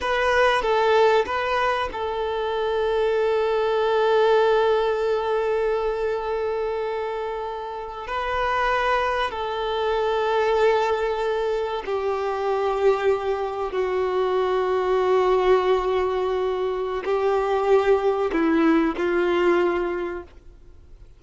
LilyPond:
\new Staff \with { instrumentName = "violin" } { \time 4/4 \tempo 4 = 95 b'4 a'4 b'4 a'4~ | a'1~ | a'1~ | a'8. b'2 a'4~ a'16~ |
a'2~ a'8. g'4~ g'16~ | g'4.~ g'16 fis'2~ fis'16~ | fis'2. g'4~ | g'4 e'4 f'2 | }